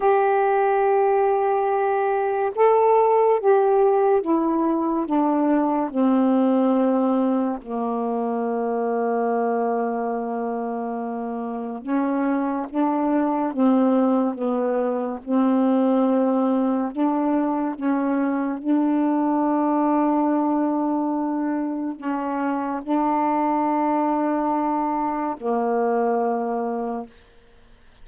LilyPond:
\new Staff \with { instrumentName = "saxophone" } { \time 4/4 \tempo 4 = 71 g'2. a'4 | g'4 e'4 d'4 c'4~ | c'4 ais2.~ | ais2 cis'4 d'4 |
c'4 b4 c'2 | d'4 cis'4 d'2~ | d'2 cis'4 d'4~ | d'2 ais2 | }